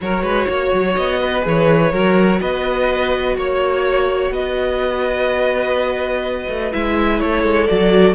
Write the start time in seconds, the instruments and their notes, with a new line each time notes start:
0.01 cello F#3, viola F#4, violin A#4 C#5
0.22 cello G#3, violin B4
0.48 cello A#3, violin C#5
0.73 cello F#3
0.95 cello B3, violin D#5
1.20 violin B4
1.41 cello E3, viola G#4
1.48 violin C#5
1.91 cello F#3, viola F#4, violin A#4
2.40 cello B3, violin B4 D#5
3.36 cello A#3, violin C#5
4.31 cello B3, violin B4 D#5
6.48 cello A3
6.71 cello G#3, viola E4, violin E5
7.19 cello A3, violin A4 C#5
7.43 cello G#3
7.67 cello F#3, viola F#4, violin D5